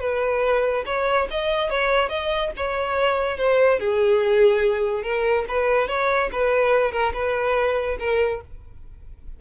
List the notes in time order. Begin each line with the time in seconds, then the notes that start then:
0.00 B4
0.86 C#5
1.30 D#5
1.70 C#5
2.09 D#5
2.56 C#5
3.37 C5
3.80 G#4
5.03 A#4
5.48 B4
5.88 C#5
6.32 B4
6.92 A#4
7.13 B4
7.99 A#4